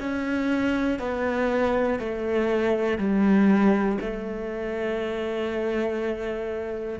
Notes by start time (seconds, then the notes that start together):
0.00 C#4
1.00 B3
2.00 A3
2.98 G3
4.00 A3